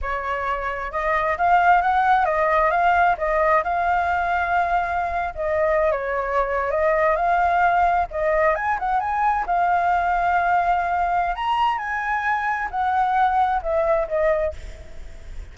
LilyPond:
\new Staff \with { instrumentName = "flute" } { \time 4/4 \tempo 4 = 132 cis''2 dis''4 f''4 | fis''4 dis''4 f''4 dis''4 | f''2.~ f''8. dis''16~ | dis''4 cis''4.~ cis''16 dis''4 f''16~ |
f''4.~ f''16 dis''4 gis''8 fis''8 gis''16~ | gis''8. f''2.~ f''16~ | f''4 ais''4 gis''2 | fis''2 e''4 dis''4 | }